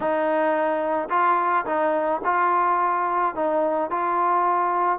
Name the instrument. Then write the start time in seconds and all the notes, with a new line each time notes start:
trombone
0.00 D#4
1.09 F4
1.65 D#4
2.24 F4
3.35 D#4
3.90 F4